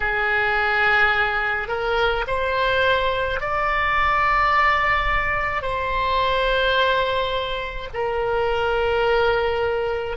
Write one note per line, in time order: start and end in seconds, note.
0.00 1.68 G#4
1.68 2.24 A#4
2.26 3.40 C5
3.40 5.62 D5
5.62 7.88 C5
7.93 10.16 A#4